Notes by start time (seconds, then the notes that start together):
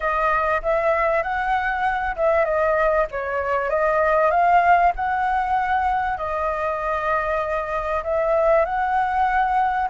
0.00 D#5
0.62 E5
1.22 F#5
2.16 E5
2.44 D#5
3.11 C#5
3.69 D#5
4.30 F5
4.95 F#5
6.17 D#5
8.03 E5
8.65 F#5